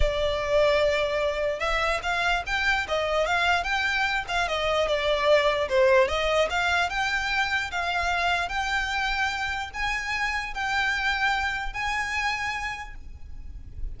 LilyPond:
\new Staff \with { instrumentName = "violin" } { \time 4/4 \tempo 4 = 148 d''1 | e''4 f''4 g''4 dis''4 | f''4 g''4. f''8 dis''4 | d''2 c''4 dis''4 |
f''4 g''2 f''4~ | f''4 g''2. | gis''2 g''2~ | g''4 gis''2. | }